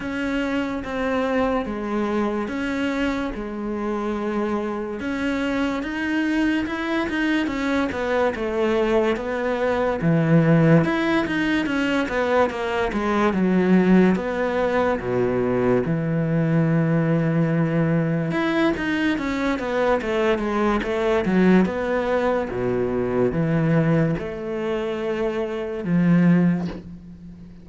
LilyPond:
\new Staff \with { instrumentName = "cello" } { \time 4/4 \tempo 4 = 72 cis'4 c'4 gis4 cis'4 | gis2 cis'4 dis'4 | e'8 dis'8 cis'8 b8 a4 b4 | e4 e'8 dis'8 cis'8 b8 ais8 gis8 |
fis4 b4 b,4 e4~ | e2 e'8 dis'8 cis'8 b8 | a8 gis8 a8 fis8 b4 b,4 | e4 a2 f4 | }